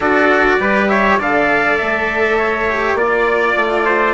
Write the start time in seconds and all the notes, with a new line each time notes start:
0.00 D4 F#4 A4 D5
0.59 G3 G4 B4
0.88 C#5 E5
1.19 D3 A4 D5 F5
1.77 A3 E5
2.38 C#5
2.69 G4
2.94 A#3 F4 D5
3.56 A3
3.85 C5